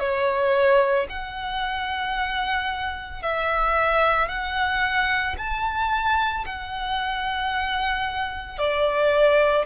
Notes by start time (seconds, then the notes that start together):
0.00 C#5
1.10 F#5
3.23 E5
4.29 F#5
5.38 A5
6.46 F#5
8.59 D5